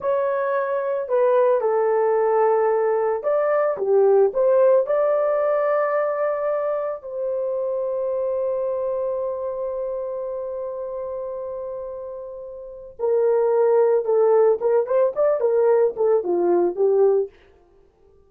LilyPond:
\new Staff \with { instrumentName = "horn" } { \time 4/4 \tempo 4 = 111 cis''2 b'4 a'4~ | a'2 d''4 g'4 | c''4 d''2.~ | d''4 c''2.~ |
c''1~ | c''1 | ais'2 a'4 ais'8 c''8 | d''8 ais'4 a'8 f'4 g'4 | }